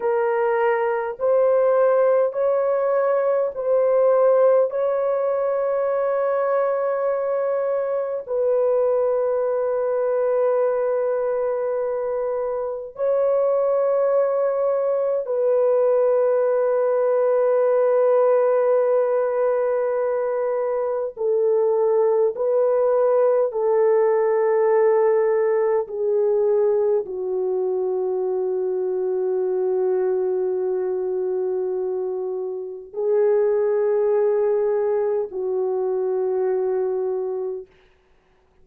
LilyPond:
\new Staff \with { instrumentName = "horn" } { \time 4/4 \tempo 4 = 51 ais'4 c''4 cis''4 c''4 | cis''2. b'4~ | b'2. cis''4~ | cis''4 b'2.~ |
b'2 a'4 b'4 | a'2 gis'4 fis'4~ | fis'1 | gis'2 fis'2 | }